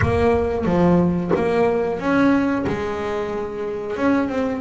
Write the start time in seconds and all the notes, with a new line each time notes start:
0.01 A#3
0.65 F3
1.35 A#3
1.99 C#4
2.66 G#3
3.96 C#4
4.29 C4